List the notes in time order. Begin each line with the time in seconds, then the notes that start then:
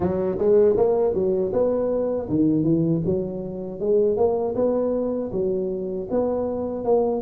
0.00 F#3
0.38 G#3
0.77 A#3
1.14 F#3
1.52 B3
2.29 D#3
2.63 E3
3.05 F#3
3.80 G#3
4.16 A#3
4.55 B3
5.32 F#3
6.10 B3
6.84 A#3